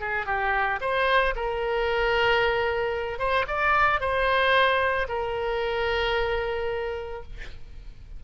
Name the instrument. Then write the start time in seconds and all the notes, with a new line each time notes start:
oboe
0.00 G#4
0.26 G4
0.80 C5
1.35 A#4
3.19 C5
3.47 D5
4.00 C5
5.08 A#4